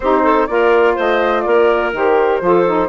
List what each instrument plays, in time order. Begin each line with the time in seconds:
0.00 bassoon C4, saxophone D#4, clarinet G4, flute C5
0.23 clarinet A4
0.46 bassoon A#3, saxophone F4, clarinet A#4, flute D5
0.94 bassoon A3, clarinet C5, flute D#5
1.42 bassoon A#3, clarinet A#4, flute D5
1.92 bassoon D#3, saxophone G4, flute C5
2.40 bassoon F3, saxophone F4, clarinet A4
2.66 saxophone D#4